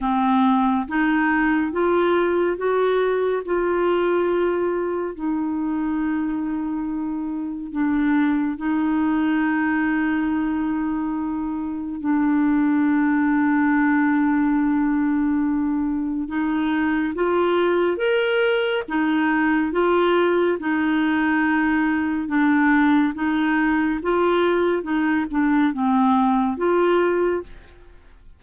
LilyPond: \new Staff \with { instrumentName = "clarinet" } { \time 4/4 \tempo 4 = 70 c'4 dis'4 f'4 fis'4 | f'2 dis'2~ | dis'4 d'4 dis'2~ | dis'2 d'2~ |
d'2. dis'4 | f'4 ais'4 dis'4 f'4 | dis'2 d'4 dis'4 | f'4 dis'8 d'8 c'4 f'4 | }